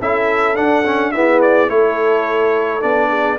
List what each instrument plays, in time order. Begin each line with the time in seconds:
0.00 tuba C#4, trombone E4, horn A4, trumpet E5
0.55 trombone D4, tuba D4, trumpet F#5
0.85 trombone C#4
1.12 trombone B3, tuba E4, horn G#4, trumpet E5
1.41 trumpet D5
1.69 tuba A3, trombone E4, horn A4, trumpet C#5
2.81 tuba B3, trombone D4, trumpet D5
3.10 horn G#4